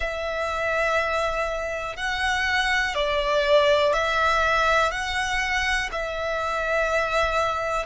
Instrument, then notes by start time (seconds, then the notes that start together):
violin
0.00 E5
1.96 F#5
2.94 D5
3.93 E5
4.91 F#5
5.92 E5